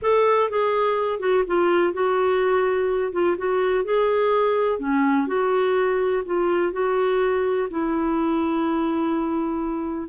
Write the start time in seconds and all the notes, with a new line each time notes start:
0.02 A4
0.50 G#4
1.19 F#4
1.46 F4
1.93 F#4
3.12 F4
3.37 F#4
3.84 G#4
4.79 C#4
5.27 F#4
6.25 F4
6.72 F#4
7.70 E4